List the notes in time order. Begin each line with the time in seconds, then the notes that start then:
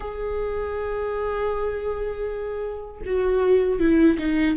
0.00 G#4
3.06 F#4
3.79 E4
4.18 D#4